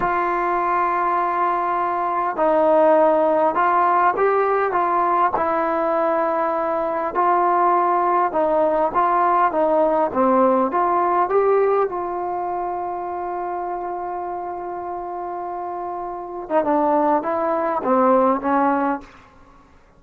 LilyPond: \new Staff \with { instrumentName = "trombone" } { \time 4/4 \tempo 4 = 101 f'1 | dis'2 f'4 g'4 | f'4 e'2. | f'2 dis'4 f'4 |
dis'4 c'4 f'4 g'4 | f'1~ | f'2.~ f'8. dis'16 | d'4 e'4 c'4 cis'4 | }